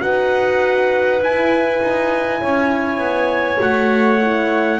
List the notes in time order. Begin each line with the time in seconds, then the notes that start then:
0.00 D#4 F#4 B4 F#5
1.20 E4 G#5
1.81 D#4
2.40 C#4 C#5
2.97 B3
3.59 A3 F#4 F#5
4.21 E4